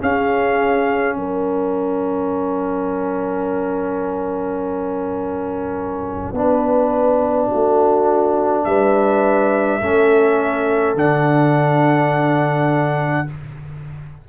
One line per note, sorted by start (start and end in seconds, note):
0.00 6.35 C#4
0.00 1.16 C#4
0.00 1.16 G#4
0.00 1.16 F5
1.16 6.32 F#3
1.16 6.37 A#4
1.16 8.64 F#5
6.32 7.48 B3
6.32 9.81 D4
6.32 7.48 B4
7.48 8.66 A3
7.48 8.63 F#4
8.64 9.81 G3
8.64 9.81 B4
8.64 10.95 E5
9.81 10.95 A3
9.81 10.96 C#4
9.81 13.27 A4
10.95 13.26 D3
10.95 13.27 D4
10.95 13.29 F#5